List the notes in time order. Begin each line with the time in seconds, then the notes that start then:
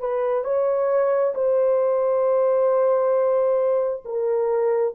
0.00 B4
0.44 C#5
1.35 C5
4.05 A#4